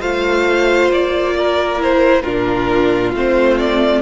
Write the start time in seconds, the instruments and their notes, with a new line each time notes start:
0.00 cello A3, viola F4, violin C5 F5
0.89 cello A#3, violin D5
1.38 violin A#4
1.79 viola E4, violin C5
2.23 cello A#2, viola D4, violin F4 A#4
3.15 cello A3, viola C4, violin C5
3.59 violin D5